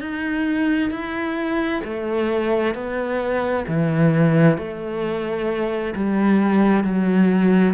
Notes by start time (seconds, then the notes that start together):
0.00 D#4
0.90 E4
1.84 A3
2.74 B3
3.67 E3
4.58 A3
5.95 G3
6.84 F#3